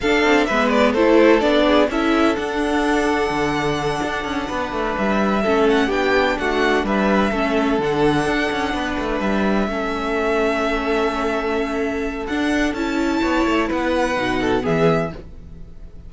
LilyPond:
<<
  \new Staff \with { instrumentName = "violin" } { \time 4/4 \tempo 4 = 127 f''4 e''8 d''8 c''4 d''4 | e''4 fis''2.~ | fis''2~ fis''8 e''4. | fis''8 g''4 fis''4 e''4.~ |
e''8 fis''2. e''8~ | e''1~ | e''2 fis''4 a''4~ | a''4 fis''2 e''4 | }
  \new Staff \with { instrumentName = "violin" } { \time 4/4 a'4 b'4 a'4. gis'8 | a'1~ | a'4. b'2 a'8~ | a'8 g'4 fis'4 b'4 a'8~ |
a'2~ a'8 b'4.~ | b'8 a'2.~ a'8~ | a'1 | cis''4 b'4. a'8 gis'4 | }
  \new Staff \with { instrumentName = "viola" } { \time 4/4 d'4 b4 e'4 d'4 | e'4 d'2.~ | d'2.~ d'8 cis'8~ | cis'8 d'2. cis'8~ |
cis'8 d'2.~ d'8~ | d'8 cis'2.~ cis'8~ | cis'2 d'4 e'4~ | e'2 dis'4 b4 | }
  \new Staff \with { instrumentName = "cello" } { \time 4/4 d'8 c'8 gis4 a4 b4 | cis'4 d'2 d4~ | d8 d'8 cis'8 b8 a8 g4 a8~ | a8 b4 a4 g4 a8~ |
a8 d4 d'8 cis'8 b8 a8 g8~ | g8 a2.~ a8~ | a2 d'4 cis'4 | b8 a8 b4 b,4 e4 | }
>>